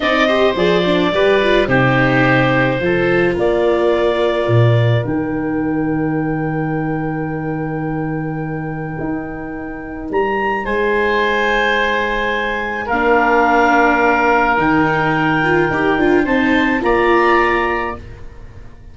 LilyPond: <<
  \new Staff \with { instrumentName = "clarinet" } { \time 4/4 \tempo 4 = 107 dis''4 d''2 c''4~ | c''2 d''2~ | d''4 g''2.~ | g''1~ |
g''2 ais''4 gis''4~ | gis''2. f''4~ | f''2 g''2~ | g''4 a''4 ais''2 | }
  \new Staff \with { instrumentName = "oboe" } { \time 4/4 d''8 c''4. b'4 g'4~ | g'4 a'4 ais'2~ | ais'1~ | ais'1~ |
ais'2. c''4~ | c''2. ais'4~ | ais'1~ | ais'4 c''4 d''2 | }
  \new Staff \with { instrumentName = "viola" } { \time 4/4 dis'8 g'8 gis'8 d'8 g'8 f'8 dis'4~ | dis'4 f'2.~ | f'4 dis'2.~ | dis'1~ |
dis'1~ | dis'2. d'4~ | d'2 dis'4. f'8 | g'8 f'8 dis'4 f'2 | }
  \new Staff \with { instrumentName = "tuba" } { \time 4/4 c'4 f4 g4 c4~ | c4 f4 ais2 | ais,4 dis2.~ | dis1 |
dis'2 g4 gis4~ | gis2. ais4~ | ais2 dis2 | dis'8 d'8 c'4 ais2 | }
>>